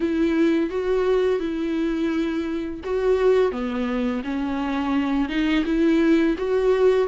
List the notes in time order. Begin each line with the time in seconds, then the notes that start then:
0.00 E4
0.69 F#4
1.39 E4
2.84 F#4
3.51 B3
4.24 C#4
5.28 D#4
5.65 E4
6.38 F#4